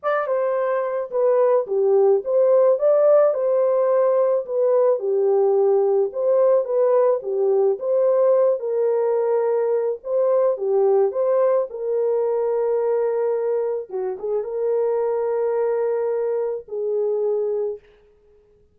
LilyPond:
\new Staff \with { instrumentName = "horn" } { \time 4/4 \tempo 4 = 108 d''8 c''4. b'4 g'4 | c''4 d''4 c''2 | b'4 g'2 c''4 | b'4 g'4 c''4. ais'8~ |
ais'2 c''4 g'4 | c''4 ais'2.~ | ais'4 fis'8 gis'8 ais'2~ | ais'2 gis'2 | }